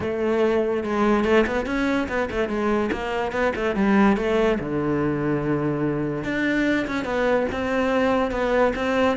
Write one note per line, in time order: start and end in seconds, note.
0.00 0.83 A3
0.83 1.24 G#3
1.24 1.45 A3
1.46 1.66 B3
1.66 2.07 C#4
2.08 2.29 B3
2.30 2.48 A3
2.48 2.90 G#3
2.92 3.32 A#3
3.32 3.52 B3
3.55 3.75 A3
3.75 4.16 G3
4.16 4.58 A3
4.59 6.23 D3
6.23 6.86 D4
6.87 7.05 C#4
7.05 7.46 B3
7.52 8.31 C4
8.31 8.73 B3
8.75 9.17 C4